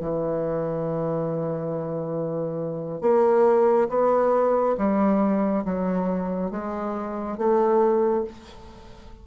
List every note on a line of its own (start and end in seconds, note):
0.00 3.01 E3
3.01 3.88 A#3
3.89 4.76 B3
4.77 5.64 G3
5.65 6.51 F#3
6.51 7.38 G#3
7.38 8.25 A3